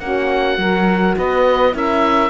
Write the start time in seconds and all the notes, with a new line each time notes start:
0.00 A#3 C#4 F#4 F#5
0.58 F#3 F#4 A#4
1.17 B3 B4 D#5
1.72 C#4 E4 A#4 E5